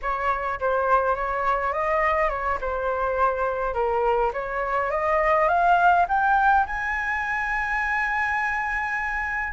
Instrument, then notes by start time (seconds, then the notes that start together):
flute
0.02 C#5
0.60 C5
1.15 C#5
1.73 D#5
2.29 C#5
2.60 C5
3.74 A#4
4.33 C#5
4.90 D#5
5.48 F5
6.08 G5
6.66 G#5